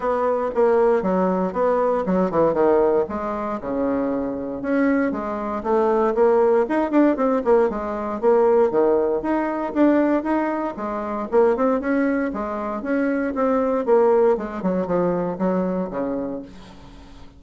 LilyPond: \new Staff \with { instrumentName = "bassoon" } { \time 4/4 \tempo 4 = 117 b4 ais4 fis4 b4 | fis8 e8 dis4 gis4 cis4~ | cis4 cis'4 gis4 a4 | ais4 dis'8 d'8 c'8 ais8 gis4 |
ais4 dis4 dis'4 d'4 | dis'4 gis4 ais8 c'8 cis'4 | gis4 cis'4 c'4 ais4 | gis8 fis8 f4 fis4 cis4 | }